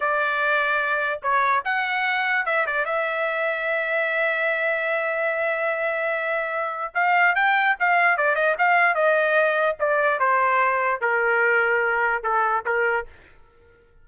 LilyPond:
\new Staff \with { instrumentName = "trumpet" } { \time 4/4 \tempo 4 = 147 d''2. cis''4 | fis''2 e''8 d''8 e''4~ | e''1~ | e''1~ |
e''4 f''4 g''4 f''4 | d''8 dis''8 f''4 dis''2 | d''4 c''2 ais'4~ | ais'2 a'4 ais'4 | }